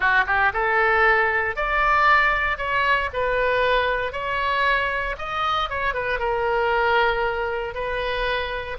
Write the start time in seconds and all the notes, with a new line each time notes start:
0.00 F#4
0.26 G4
0.53 A4
1.56 D5
2.57 C#5
3.13 B4
4.12 C#5
5.18 D#5
5.69 C#5
5.93 B4
6.19 A#4
7.74 B4